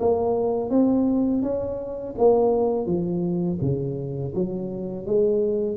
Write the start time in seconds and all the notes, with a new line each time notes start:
0.00 A#3
0.70 C4
1.43 C#4
2.18 A#3
2.86 F3
3.61 C#3
4.35 F#3
5.06 G#3